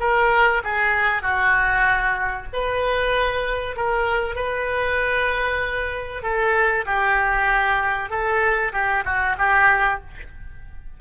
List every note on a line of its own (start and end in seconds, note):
0.00 0.62 A#4
0.64 1.22 G#4
1.22 2.47 F#4
2.53 3.76 B4
3.76 4.36 A#4
4.36 6.23 B4
6.23 6.85 A4
6.86 8.10 G4
8.10 8.73 A4
8.73 9.04 G4
9.05 9.37 F#4
9.38 10.01 G4